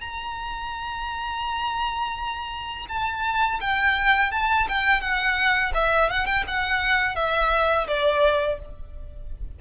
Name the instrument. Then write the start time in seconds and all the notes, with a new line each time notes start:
violin
0.00 A#5
2.88 A5
3.60 G5
4.31 A5
4.68 G5
5.01 F#5
5.74 E5
6.09 F#5
6.25 G5
6.47 F#5
7.15 E5
7.87 D5